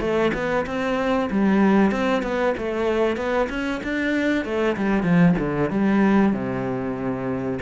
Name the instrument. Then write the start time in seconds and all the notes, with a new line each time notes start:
cello
0.00 A3
0.33 B3
0.66 C4
1.30 G3
1.91 C4
2.22 B3
2.57 A3
3.16 B3
3.49 C#4
3.83 D4
4.44 A3
4.76 G3
5.03 F3
5.38 D3
5.70 G3
6.32 C3